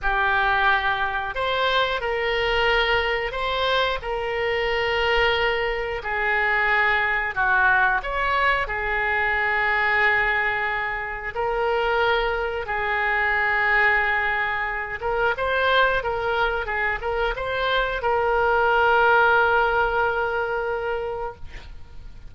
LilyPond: \new Staff \with { instrumentName = "oboe" } { \time 4/4 \tempo 4 = 90 g'2 c''4 ais'4~ | ais'4 c''4 ais'2~ | ais'4 gis'2 fis'4 | cis''4 gis'2.~ |
gis'4 ais'2 gis'4~ | gis'2~ gis'8 ais'8 c''4 | ais'4 gis'8 ais'8 c''4 ais'4~ | ais'1 | }